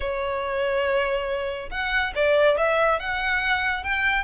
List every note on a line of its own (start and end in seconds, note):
0.00 1.69 C#5
1.70 2.13 F#5
2.15 2.57 D5
2.57 2.99 E5
2.99 3.83 F#5
3.83 4.24 G5